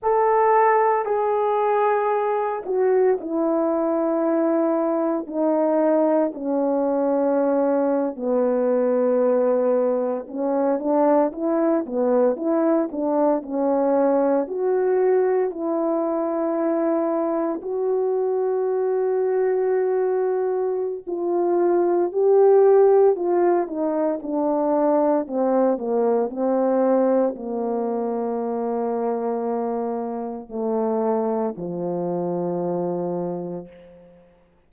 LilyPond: \new Staff \with { instrumentName = "horn" } { \time 4/4 \tempo 4 = 57 a'4 gis'4. fis'8 e'4~ | e'4 dis'4 cis'4.~ cis'16 b16~ | b4.~ b16 cis'8 d'8 e'8 b8 e'16~ | e'16 d'8 cis'4 fis'4 e'4~ e'16~ |
e'8. fis'2.~ fis'16 | f'4 g'4 f'8 dis'8 d'4 | c'8 ais8 c'4 ais2~ | ais4 a4 f2 | }